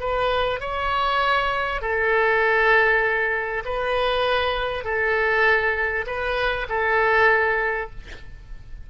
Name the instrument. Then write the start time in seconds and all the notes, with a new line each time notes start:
oboe
0.00 B4
0.61 C#5
1.82 A4
3.65 B4
4.84 A4
6.07 B4
6.69 A4